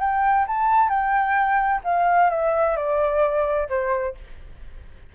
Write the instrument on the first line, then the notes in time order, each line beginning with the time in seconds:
flute
0.00 G5
0.47 A5
0.89 G5
1.84 F5
2.30 E5
2.76 D5
3.69 C5